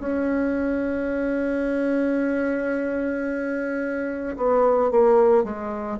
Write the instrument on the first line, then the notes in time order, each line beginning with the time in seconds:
bassoon
0.00 C#4
4.37 B3
4.91 A#3
5.44 G#3